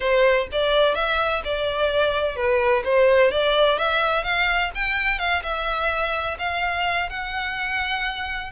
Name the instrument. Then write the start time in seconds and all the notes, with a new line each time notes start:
violin
0.00 C5
0.52 D5
0.94 E5
1.44 D5
2.36 B4
2.84 C5
3.31 D5
3.78 E5
4.23 F5
4.75 G5
5.18 F5
5.42 E5
6.38 F5
7.09 F#5